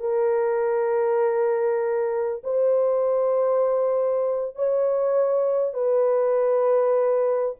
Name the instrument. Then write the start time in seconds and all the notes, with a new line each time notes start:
horn
0.00 A#4
2.44 C5
4.56 C#5
5.74 B4